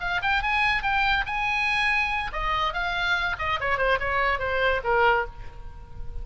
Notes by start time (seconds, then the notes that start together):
0.00 F5
0.22 G5
0.43 G#5
0.83 G5
1.26 G#5
2.33 D#5
2.73 F5
3.39 D#5
3.60 C#5
3.78 C5
4.00 C#5
4.39 C5
4.84 A#4